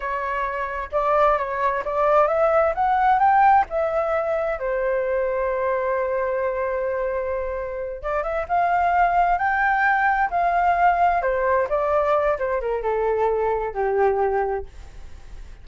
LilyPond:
\new Staff \with { instrumentName = "flute" } { \time 4/4 \tempo 4 = 131 cis''2 d''4 cis''4 | d''4 e''4 fis''4 g''4 | e''2 c''2~ | c''1~ |
c''4. d''8 e''8 f''4.~ | f''8 g''2 f''4.~ | f''8 c''4 d''4. c''8 ais'8 | a'2 g'2 | }